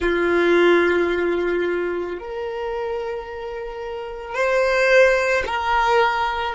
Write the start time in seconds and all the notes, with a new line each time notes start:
0.00 F4
2.18 A#4
4.34 C5
5.46 A#4